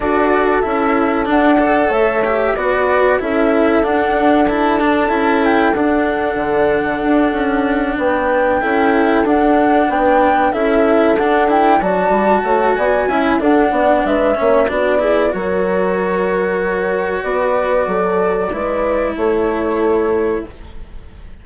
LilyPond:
<<
  \new Staff \with { instrumentName = "flute" } { \time 4/4 \tempo 4 = 94 d''4 e''4 fis''4 e''4 | d''4 e''4 fis''4 a''4~ | a''8 g''8 fis''2.~ | fis''8 g''2 fis''4 g''8~ |
g''8 e''4 fis''8 g''8 a''4. | gis''4 fis''4 e''4 d''4 | cis''2. d''4~ | d''2 cis''2 | }
  \new Staff \with { instrumentName = "horn" } { \time 4/4 a'2~ a'8 d''8 cis''4 | b'4 a'2.~ | a'1~ | a'8 b'4 a'2 b'8~ |
b'8 a'2 d''4 cis''8 | d''8 e''8 a'8 d''8 b'8 cis''8 fis'8 gis'8 | ais'2. b'4 | a'4 b'4 a'2 | }
  \new Staff \with { instrumentName = "cello" } { \time 4/4 fis'4 e'4 d'8 a'4 g'8 | fis'4 e'4 d'4 e'8 d'8 | e'4 d'2.~ | d'4. e'4 d'4.~ |
d'8 e'4 d'8 e'8 fis'4.~ | fis'8 e'8 d'4. cis'8 d'8 e'8 | fis'1~ | fis'4 e'2. | }
  \new Staff \with { instrumentName = "bassoon" } { \time 4/4 d'4 cis'4 d'4 a4 | b4 cis'4 d'2 | cis'4 d'4 d4 d'8 cis'8~ | cis'8 b4 cis'4 d'4 b8~ |
b8 cis'4 d'4 fis8 g8 a8 | b8 cis'8 d'8 b8 gis8 ais8 b4 | fis2. b4 | fis4 gis4 a2 | }
>>